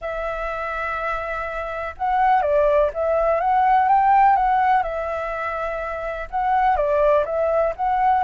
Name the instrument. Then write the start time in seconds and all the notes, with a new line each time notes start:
flute
0.01 E5
1.97 F#5
2.41 D5
2.93 E5
3.40 F#5
3.88 G5
4.36 F#5
4.83 E5
6.30 F#5
6.76 D5
7.25 E5
7.76 F#5